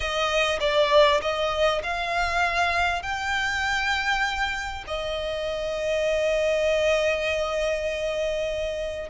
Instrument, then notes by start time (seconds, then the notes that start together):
violin
0.00 D#5
0.60 D5
1.21 D#5
1.83 F5
3.02 G5
4.87 D#5